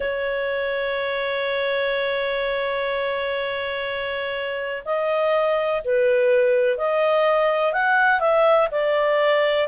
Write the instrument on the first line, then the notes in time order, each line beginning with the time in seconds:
clarinet
0.00 C#5
4.85 D#5
5.84 B4
6.77 D#5
7.72 F#5
8.20 E5
8.71 D5